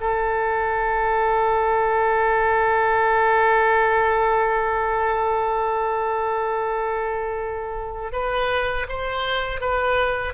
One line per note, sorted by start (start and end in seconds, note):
0.00 8.12 A4
8.12 8.87 B4
8.89 9.61 C5
9.61 10.34 B4